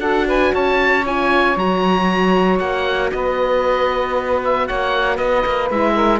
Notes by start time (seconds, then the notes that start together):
0.00 D4 F#4 A4 F#5
0.28 B4 G#5
0.54 C#4 C#5 A5
1.06 F4 G#5
1.57 F#3 F#4 A#5
2.59 A#3 F#5
3.12 B3 B4 D#5
4.45 E5
4.67 A#3 C#5 F#5
5.16 B3 B4 D#5
5.46 A#3
5.71 G#3 E4 E5
5.95 A#4